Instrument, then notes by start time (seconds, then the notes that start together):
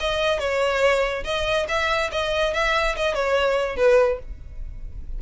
violin
0.00 D#5
0.39 C#5
1.24 D#5
1.68 E5
2.11 D#5
2.53 E5
2.96 D#5
3.14 C#5
3.76 B4